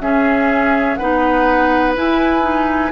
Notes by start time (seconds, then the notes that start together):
0.00 C#4 G#4 E5
0.96 B3 D#4 B4 F#5
1.96 E4 G#5
2.42 D#4